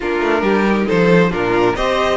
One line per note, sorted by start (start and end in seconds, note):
0.00 0.21 A#3
0.00 0.66 D4
0.00 0.41 F4
0.00 0.88 A#4
0.21 0.42 A3
0.42 0.85 G3
0.42 0.86 G4
0.66 1.31 D#4
0.86 1.31 F3
0.86 1.30 A4
0.86 1.32 C5
1.30 1.75 A#2
1.30 1.74 D4
1.30 1.74 F4
1.30 1.76 A#4
1.75 2.17 C4
1.75 2.17 G4
1.75 2.17 C5
1.75 2.17 D#5